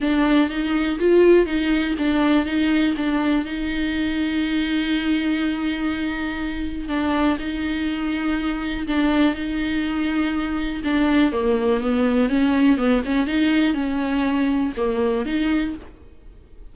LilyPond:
\new Staff \with { instrumentName = "viola" } { \time 4/4 \tempo 4 = 122 d'4 dis'4 f'4 dis'4 | d'4 dis'4 d'4 dis'4~ | dis'1~ | dis'2 d'4 dis'4~ |
dis'2 d'4 dis'4~ | dis'2 d'4 ais4 | b4 cis'4 b8 cis'8 dis'4 | cis'2 ais4 dis'4 | }